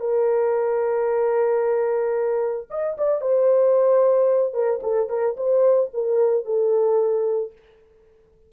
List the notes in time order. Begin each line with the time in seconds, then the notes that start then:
0.00 A#4
2.70 D#5
2.98 D5
3.21 C5
4.54 A#4
4.83 A4
5.09 A#4
5.37 C5
5.94 A#4
6.45 A4